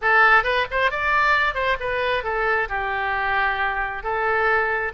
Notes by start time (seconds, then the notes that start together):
0.01 A4
0.43 B4
0.70 C5
0.91 D5
1.54 C5
1.80 B4
2.23 A4
2.68 G4
4.03 A4